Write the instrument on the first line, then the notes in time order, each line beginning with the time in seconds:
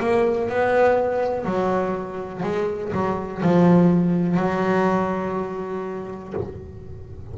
double bass
0.00 A#3
0.49 B3
1.45 F#3
2.43 G#3
2.93 F#3
3.42 F3
4.37 F#3